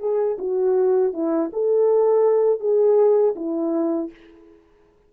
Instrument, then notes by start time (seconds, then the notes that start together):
horn
0.00 G#4
0.39 F#4
1.13 E4
1.53 A4
2.60 G#4
3.36 E4